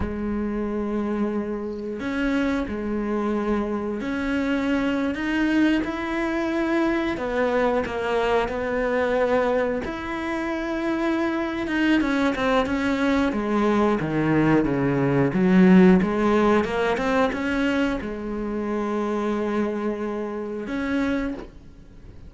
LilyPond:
\new Staff \with { instrumentName = "cello" } { \time 4/4 \tempo 4 = 90 gis2. cis'4 | gis2 cis'4.~ cis'16 dis'16~ | dis'8. e'2 b4 ais16~ | ais8. b2 e'4~ e'16~ |
e'4. dis'8 cis'8 c'8 cis'4 | gis4 dis4 cis4 fis4 | gis4 ais8 c'8 cis'4 gis4~ | gis2. cis'4 | }